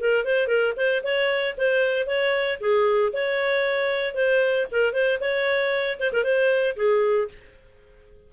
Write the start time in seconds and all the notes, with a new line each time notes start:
0.00 A#4
0.25 C5
0.48 A#4
0.77 C5
1.04 C#5
1.58 C5
2.07 C#5
2.61 G#4
3.13 C#5
4.15 C5
4.71 A#4
4.93 C5
5.21 C#5
6.00 C5
6.13 A#4
6.24 C5
6.76 G#4